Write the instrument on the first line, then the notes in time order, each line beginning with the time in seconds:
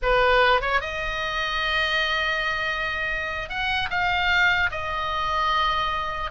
oboe
0.02 B4
0.61 C#5
0.80 D#5
3.49 F#5
3.90 F5
4.71 D#5